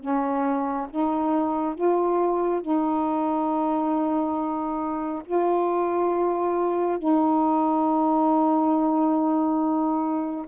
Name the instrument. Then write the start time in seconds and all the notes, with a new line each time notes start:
saxophone
0.00 C#4
0.90 D#4
1.75 F4
2.62 D#4
5.25 F4
6.98 D#4